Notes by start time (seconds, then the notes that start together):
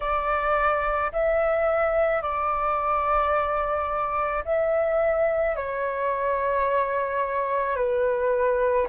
0.00 D5
1.12 E5
2.22 D5
4.44 E5
5.56 C#5
7.76 B4